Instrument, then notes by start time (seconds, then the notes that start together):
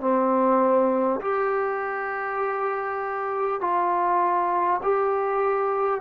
trombone
0.00 C4
1.21 G4
3.61 F4
4.83 G4